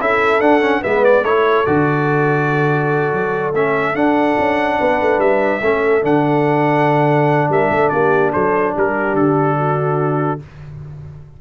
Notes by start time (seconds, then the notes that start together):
0.00 C#4 E4 A4 E5
0.41 D4 F#5
0.61 C#4
0.81 G#3 B3 B4 E5
1.05 D5
1.23 A3 E4 A4 C#5
1.66 D3 F#4 D5
3.13 F#3
3.53 A3 C#4 E5
3.95 D4 F#5
4.39 C#4
4.79 B3 B4
5.01 A3
5.19 G3 E5
5.62 A3 C#4 A4
6.02 D3 D4 F#5
7.50 G3 A#4 E5
7.71 A3 A4
7.89 A#3 G4 D5
8.33 F#3 A4 C5
8.77 G3 G4 A#4
9.14 D3 A4
9.57 F#4